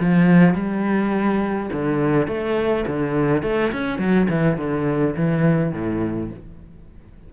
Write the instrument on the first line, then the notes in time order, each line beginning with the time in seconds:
cello
0.00 F3
0.54 G3
1.73 D3
2.27 A3
2.87 D3
3.42 A3
3.72 C#4
3.98 F#3
4.29 E3
4.57 D3
5.16 E3
5.72 A2